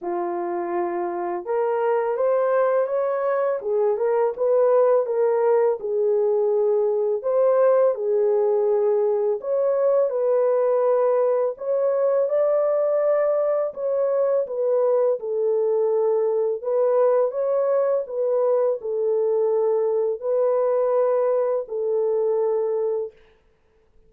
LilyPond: \new Staff \with { instrumentName = "horn" } { \time 4/4 \tempo 4 = 83 f'2 ais'4 c''4 | cis''4 gis'8 ais'8 b'4 ais'4 | gis'2 c''4 gis'4~ | gis'4 cis''4 b'2 |
cis''4 d''2 cis''4 | b'4 a'2 b'4 | cis''4 b'4 a'2 | b'2 a'2 | }